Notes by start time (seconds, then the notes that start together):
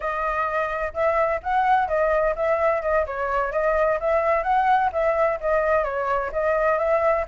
0.00 D#5
0.93 E5
1.42 F#5
1.87 D#5
2.35 E5
2.82 D#5
3.06 C#5
3.52 D#5
4.00 E5
4.43 F#5
4.92 E5
5.40 D#5
5.84 C#5
6.32 D#5
6.78 E5